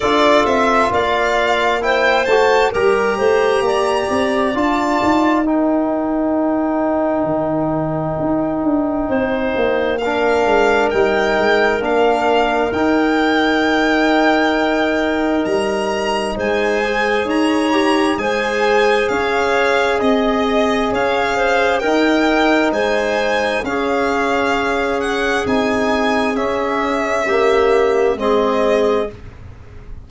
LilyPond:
<<
  \new Staff \with { instrumentName = "violin" } { \time 4/4 \tempo 4 = 66 d''8 e''8 f''4 g''8 a''8 ais''4~ | ais''4 a''4 g''2~ | g''2. f''4 | g''4 f''4 g''2~ |
g''4 ais''4 gis''4 ais''4 | gis''4 f''4 dis''4 f''4 | g''4 gis''4 f''4. fis''8 | gis''4 e''2 dis''4 | }
  \new Staff \with { instrumentName = "clarinet" } { \time 4/4 a'4 d''4 c''4 ais'8 c''8 | d''2 ais'2~ | ais'2 c''4 ais'4~ | ais'1~ |
ais'2 c''4 cis''4 | c''4 cis''4 dis''4 cis''8 c''8 | ais'4 c''4 gis'2~ | gis'2 g'4 gis'4 | }
  \new Staff \with { instrumentName = "trombone" } { \time 4/4 f'2 e'8 fis'8 g'4~ | g'4 f'4 dis'2~ | dis'2. d'4 | dis'4 d'4 dis'2~ |
dis'2~ dis'8 gis'4 g'8 | gis'1 | dis'2 cis'2 | dis'4 cis'4 ais4 c'4 | }
  \new Staff \with { instrumentName = "tuba" } { \time 4/4 d'8 c'8 ais4. a8 g8 a8 | ais8 c'8 d'8 dis'2~ dis'8 | dis4 dis'8 d'8 c'8 ais4 gis8 | g8 gis8 ais4 dis'2~ |
dis'4 g4 gis4 dis'4 | gis4 cis'4 c'4 cis'4 | dis'4 gis4 cis'2 | c'4 cis'2 gis4 | }
>>